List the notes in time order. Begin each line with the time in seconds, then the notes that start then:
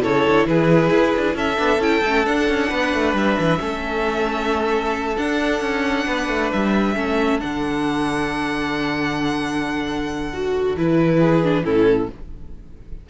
0.00 C#3 E4 A4 C#5
0.28 D3
0.47 E3 G#4 B4
0.90 E4
1.17 D4
1.35 C#4 A4 E5
1.57 B3 D4
1.79 C#4 E4 G5
2.05 A3 C#4
2.26 D4 F#5
2.49 C#4
2.69 B3 B4
2.94 A3
3.14 G3 E5
3.39 E3
3.59 A3 C#4 A4
5.17 D4 F#5
5.61 C#4
6.06 B3 B4
6.29 A3
6.52 G3 E5
6.96 A3 C#4 A4
7.40 D3 D4 F#5
10.33 F#4
10.76 E3 E4 B4
11.19 G#4
11.44 D4
11.64 A2 C#4 E4 A4